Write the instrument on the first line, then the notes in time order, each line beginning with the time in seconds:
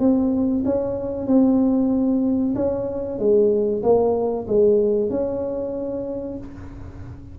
tuba
0.00 C4
0.65 C#4
1.27 C4
2.55 C#4
3.19 G#3
3.83 A#3
4.48 G#3
5.10 C#4